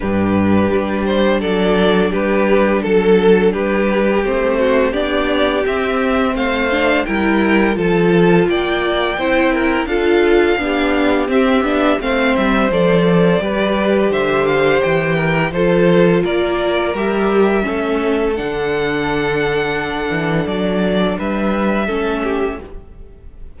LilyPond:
<<
  \new Staff \with { instrumentName = "violin" } { \time 4/4 \tempo 4 = 85 b'4. c''8 d''4 b'4 | a'4 b'4 c''4 d''4 | e''4 f''4 g''4 a''4 | g''2 f''2 |
e''4 f''8 e''8 d''2 | e''8 f''8 g''4 c''4 d''4 | e''2 fis''2~ | fis''4 d''4 e''2 | }
  \new Staff \with { instrumentName = "violin" } { \time 4/4 g'2 a'4 g'4 | a'4 g'4. fis'8 g'4~ | g'4 c''4 ais'4 a'4 | d''4 c''8 ais'8 a'4 g'4~ |
g'4 c''2 b'4 | c''4. ais'8 a'4 ais'4~ | ais'4 a'2.~ | a'2 b'4 a'8 g'8 | }
  \new Staff \with { instrumentName = "viola" } { \time 4/4 d'1~ | d'2 c'4 d'4 | c'4. d'8 e'4 f'4~ | f'4 e'4 f'4 d'4 |
c'8 d'8 c'4 a'4 g'4~ | g'2 f'2 | g'4 cis'4 d'2~ | d'2. cis'4 | }
  \new Staff \with { instrumentName = "cello" } { \time 4/4 g,4 g4 fis4 g4 | fis4 g4 a4 b4 | c'4 a4 g4 f4 | ais4 c'4 d'4 b4 |
c'8 b8 a8 g8 f4 g4 | d4 e4 f4 ais4 | g4 a4 d2~ | d8 e8 fis4 g4 a4 | }
>>